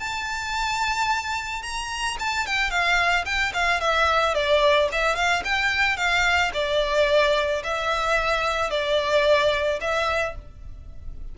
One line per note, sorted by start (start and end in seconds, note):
0.00 1.63 A5
1.63 2.17 A#5
2.20 2.47 A5
2.47 2.71 G5
2.71 3.25 F5
3.26 3.53 G5
3.54 3.81 F5
3.81 4.35 E5
4.35 4.89 D5
4.92 5.16 E5
5.16 5.43 F5
5.45 5.97 G5
5.97 6.52 F5
6.54 7.63 D5
7.64 8.71 E5
8.71 9.80 D5
9.81 10.36 E5